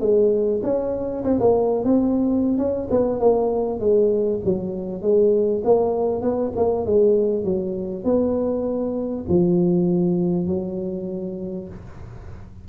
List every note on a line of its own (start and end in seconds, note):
0.00 0.61 G#3
0.63 1.23 C#4
1.24 1.39 C4
1.40 1.84 A#3
1.84 2.58 C4
2.58 2.88 C#4
2.91 3.20 B3
3.20 3.79 A#3
3.79 4.40 G#3
4.44 5.01 F#3
5.01 5.62 G#3
5.64 6.21 A#3
6.21 6.52 B3
6.56 6.85 A#3
6.85 7.44 G#3
7.44 8.04 F#3
8.04 9.25 B3
9.28 10.47 F3
10.47 11.68 F#3